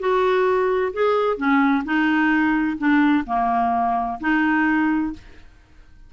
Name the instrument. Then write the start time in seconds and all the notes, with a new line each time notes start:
clarinet
0.00 F#4
0.94 G#4
1.38 C#4
1.85 D#4
2.78 D4
3.27 A#3
4.21 D#4